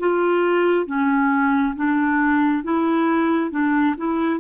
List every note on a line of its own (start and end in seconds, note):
0.00 0.87 F4
0.87 1.75 C#4
1.76 2.64 D4
2.64 3.51 E4
3.51 3.95 D4
3.98 4.40 E4